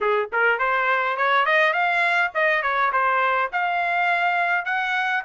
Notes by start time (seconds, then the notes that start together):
0.01 G#4
0.32 A#4
0.58 C5
1.17 C#5
1.45 D#5
1.73 F5
2.34 D#5
2.62 C#5
2.92 C5
3.52 F5
4.65 F#5